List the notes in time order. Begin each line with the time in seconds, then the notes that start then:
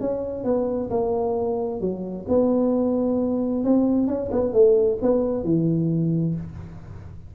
0.00 C#4
0.44 B3
0.90 A#3
1.80 F#3
2.28 B3
3.64 C4
4.07 C#4
4.31 B3
4.53 A3
5.02 B3
5.44 E3